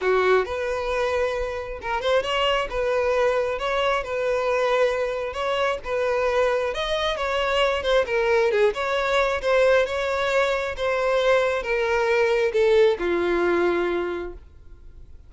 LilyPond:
\new Staff \with { instrumentName = "violin" } { \time 4/4 \tempo 4 = 134 fis'4 b'2. | ais'8 c''8 cis''4 b'2 | cis''4 b'2. | cis''4 b'2 dis''4 |
cis''4. c''8 ais'4 gis'8 cis''8~ | cis''4 c''4 cis''2 | c''2 ais'2 | a'4 f'2. | }